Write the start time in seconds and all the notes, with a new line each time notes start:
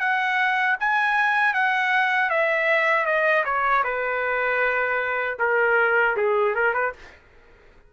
0.00 F#5
0.80 G#5
1.54 F#5
2.30 E5
3.06 D#5
3.45 C#5
3.84 B4
5.40 A#4
6.17 G#4
6.56 A#4
6.74 B4